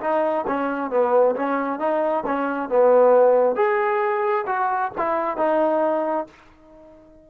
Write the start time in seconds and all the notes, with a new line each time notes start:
0.00 D#4
0.47 C#4
0.90 B3
1.35 C#4
1.79 D#4
2.26 C#4
2.69 B3
3.55 G#4
4.46 F#4
4.97 E4
5.37 D#4